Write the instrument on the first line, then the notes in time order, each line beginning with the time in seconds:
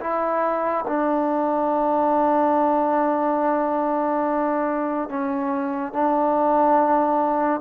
trombone
0.00 E4
0.88 D4
5.09 C#4
5.92 D4